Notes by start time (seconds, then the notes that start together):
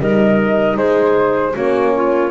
0.00 G3 D#4 A#4 D#5
0.77 G#3 G#4 C5
1.53 A#3 C#4 F#4 C#5
1.96 F4